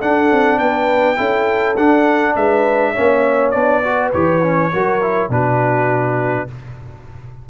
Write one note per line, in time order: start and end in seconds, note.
0.00 1.16 D4
0.00 0.31 D4
0.00 0.59 A4
0.00 0.58 F#5
0.31 0.59 C4
0.58 1.18 B3
0.58 1.17 B4
0.58 1.76 G5
1.16 1.77 C#4
1.16 1.75 E4
1.16 2.34 A4
1.76 2.95 D4
1.76 2.36 D4
1.76 2.35 F#5
2.35 2.94 G#3
2.35 2.92 B4
2.35 3.50 E5
2.92 3.53 C#4
2.92 3.80 C#5
2.98 3.54 A#3
3.50 4.13 B3
3.50 3.82 D4
3.50 4.09 D5
3.83 4.12 F#4
3.83 4.72 B4
4.13 4.72 E3
4.13 4.42 G4
4.13 5.30 C#5
4.42 4.71 C#4
4.72 5.29 F#3
4.72 5.01 F#4
4.72 5.31 A#4
5.01 5.30 E4
5.29 6.46 B2
5.29 6.47 D4
5.29 6.49 F#4
5.29 6.49 B4